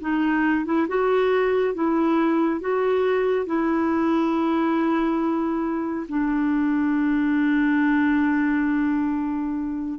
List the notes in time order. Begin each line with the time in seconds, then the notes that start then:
0.00 D#4
0.65 E4
0.88 F#4
1.74 E4
2.60 F#4
3.46 E4
6.08 D4